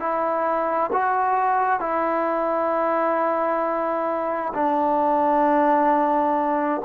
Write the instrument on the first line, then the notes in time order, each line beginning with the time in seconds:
trombone
0.00 E4
0.93 F#4
1.81 E4
4.55 D4